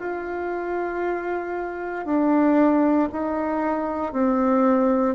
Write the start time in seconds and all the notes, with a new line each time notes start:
0.00 F4
2.05 D4
3.13 D#4
4.13 C4